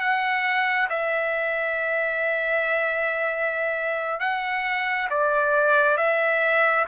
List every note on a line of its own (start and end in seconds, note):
0.00 0.88 F#5
0.90 4.20 E5
4.20 5.09 F#5
5.10 5.97 D5
5.97 6.85 E5